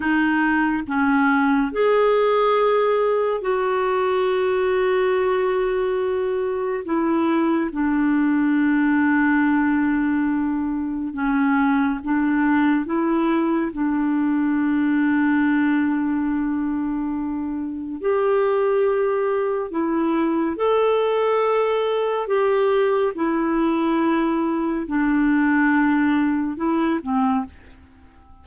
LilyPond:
\new Staff \with { instrumentName = "clarinet" } { \time 4/4 \tempo 4 = 70 dis'4 cis'4 gis'2 | fis'1 | e'4 d'2.~ | d'4 cis'4 d'4 e'4 |
d'1~ | d'4 g'2 e'4 | a'2 g'4 e'4~ | e'4 d'2 e'8 c'8 | }